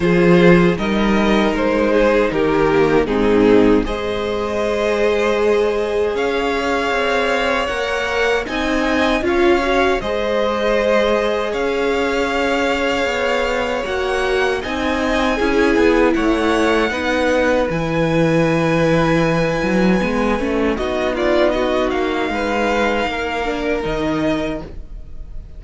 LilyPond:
<<
  \new Staff \with { instrumentName = "violin" } { \time 4/4 \tempo 4 = 78 c''4 dis''4 c''4 ais'4 | gis'4 dis''2. | f''2 fis''4 gis''4 | f''4 dis''2 f''4~ |
f''2 fis''4 gis''4~ | gis''4 fis''2 gis''4~ | gis''2. dis''8 d''8 | dis''8 f''2~ f''8 dis''4 | }
  \new Staff \with { instrumentName = "violin" } { \time 4/4 gis'4 ais'4. gis'8 g'4 | dis'4 c''2. | cis''2. dis''4 | cis''4 c''2 cis''4~ |
cis''2. dis''4 | gis'4 cis''4 b'2~ | b'2. fis'8 f'8 | fis'4 b'4 ais'2 | }
  \new Staff \with { instrumentName = "viola" } { \time 4/4 f'4 dis'2~ dis'8 ais8 | c'4 gis'2.~ | gis'2 ais'4 dis'4 | f'8 fis'8 gis'2.~ |
gis'2 fis'4 dis'4 | e'2 dis'4 e'4~ | e'2 b8 cis'8 dis'4~ | dis'2~ dis'8 d'8 dis'4 | }
  \new Staff \with { instrumentName = "cello" } { \time 4/4 f4 g4 gis4 dis4 | gis,4 gis2. | cis'4 c'4 ais4 c'4 | cis'4 gis2 cis'4~ |
cis'4 b4 ais4 c'4 | cis'8 b8 a4 b4 e4~ | e4. fis8 gis8 a8 b4~ | b8 ais8 gis4 ais4 dis4 | }
>>